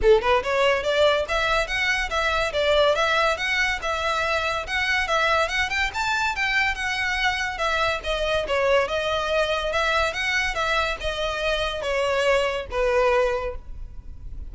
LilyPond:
\new Staff \with { instrumentName = "violin" } { \time 4/4 \tempo 4 = 142 a'8 b'8 cis''4 d''4 e''4 | fis''4 e''4 d''4 e''4 | fis''4 e''2 fis''4 | e''4 fis''8 g''8 a''4 g''4 |
fis''2 e''4 dis''4 | cis''4 dis''2 e''4 | fis''4 e''4 dis''2 | cis''2 b'2 | }